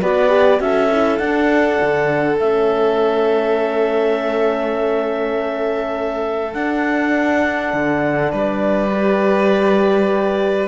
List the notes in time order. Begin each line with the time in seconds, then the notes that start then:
0.00 B3 F#4 B4 D5
0.28 G4
0.59 C#4 F#4 A4 E5
0.91 E4
1.17 D4 F#5
1.81 D3
2.39 A3 C#4 E5
6.53 D4 F#5
7.73 D3
8.31 G3 B4 D5
8.92 G4